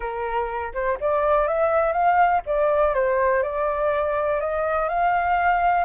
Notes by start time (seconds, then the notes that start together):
0.00 A#4
0.73 C5
1.00 D5
1.47 E5
1.92 F5
2.46 D5
2.94 C5
3.42 D5
4.40 D#5
4.88 F5